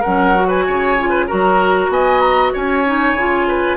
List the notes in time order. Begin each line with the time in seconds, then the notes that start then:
0.00 F#3 C#4 A#4 F#5
0.35 F#4
0.48 B4 G#5
0.67 C#3 C#5
0.98 F4
1.09 B4
1.27 F#3 F#4 A#4 A#5
1.89 B3 D#5 G#5
2.20 A#5
2.53 C#4 C#5 G#5
2.85 D#4
3.13 C#3 F4
3.47 B4